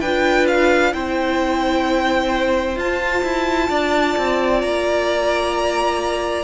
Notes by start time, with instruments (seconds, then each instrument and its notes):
0.00 cello D4, viola F4, violin B4 G5
0.47 violin F5
0.93 cello C4, viola E4, violin C5 G5
2.76 cello F4, viola F4, violin A5
3.23 cello E4
3.69 cello D4, violin D5
4.17 cello C4
4.61 cello A#3, violin A#5